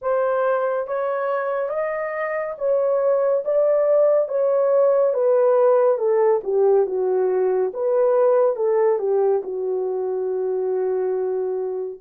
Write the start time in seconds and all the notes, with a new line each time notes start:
0.01 C5
0.87 C#5
1.69 D#5
2.58 C#5
3.44 D5
4.28 C#5
5.13 B4
5.98 A4
6.43 G4
6.86 F#4
7.73 B4
8.56 A4
8.98 G4
9.43 F#4